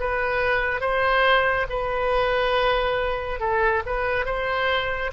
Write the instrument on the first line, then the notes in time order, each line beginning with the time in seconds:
oboe
0.00 B4
0.81 C5
1.69 B4
3.40 A4
3.86 B4
4.25 C5